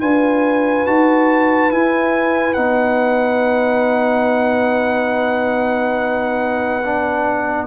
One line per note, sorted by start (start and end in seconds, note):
0.00 0.86 D4
0.00 0.86 F4
0.00 7.67 B4
0.00 0.86 G#5
0.86 1.71 D#4
0.86 1.70 F#4
0.86 1.71 A5
1.70 2.54 E4
1.70 2.56 E4
1.70 2.53 G#5
2.53 7.67 B3
2.53 6.83 D#4
2.53 7.67 F#5
6.84 7.67 D4